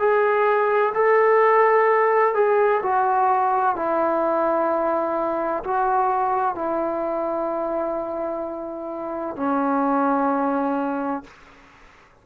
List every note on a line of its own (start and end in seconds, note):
0.00 0.94 G#4
0.95 2.35 A4
2.35 2.82 G#4
2.83 3.76 F#4
3.76 5.64 E4
5.64 6.55 F#4
6.55 9.37 E4
9.37 11.24 C#4